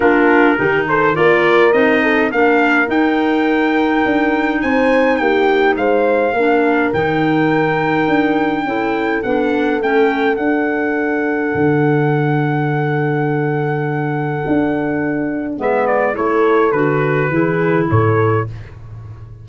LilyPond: <<
  \new Staff \with { instrumentName = "trumpet" } { \time 4/4 \tempo 4 = 104 ais'4. c''8 d''4 dis''4 | f''4 g''2. | gis''4 g''4 f''2 | g''1 |
fis''4 g''4 fis''2~ | fis''1~ | fis''2. e''8 d''8 | cis''4 b'2 cis''4 | }
  \new Staff \with { instrumentName = "horn" } { \time 4/4 f'4 g'8 a'8 ais'4. a'8 | ais'1 | c''4 g'4 c''4 ais'4~ | ais'2. a'4~ |
a'1~ | a'1~ | a'2. b'4 | a'2 gis'4 a'4 | }
  \new Staff \with { instrumentName = "clarinet" } { \time 4/4 d'4 dis'4 f'4 dis'4 | d'4 dis'2.~ | dis'2. d'4 | dis'2. e'4 |
d'4 cis'4 d'2~ | d'1~ | d'2. b4 | e'4 fis'4 e'2 | }
  \new Staff \with { instrumentName = "tuba" } { \time 4/4 ais4 dis4 ais4 c'4 | ais4 dis'2 d'4 | c'4 ais4 gis4 ais4 | dis2 d'4 cis'4 |
b4 a4 d'2 | d1~ | d4 d'2 gis4 | a4 d4 e4 a,4 | }
>>